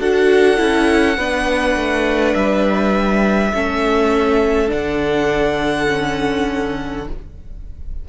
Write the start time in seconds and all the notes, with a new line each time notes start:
0.00 D4 F#4 A4 F#5
0.58 C#4 E4
1.18 B3 D4 B4
1.76 A3
2.35 G3 E5
3.54 A3 C#4 A4
4.69 D3 D4 F#5
5.88 C#4